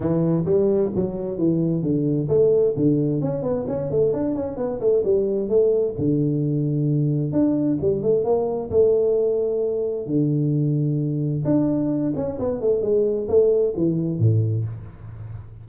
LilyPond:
\new Staff \with { instrumentName = "tuba" } { \time 4/4 \tempo 4 = 131 e4 g4 fis4 e4 | d4 a4 d4 cis'8 b8 | cis'8 a8 d'8 cis'8 b8 a8 g4 | a4 d2. |
d'4 g8 a8 ais4 a4~ | a2 d2~ | d4 d'4. cis'8 b8 a8 | gis4 a4 e4 a,4 | }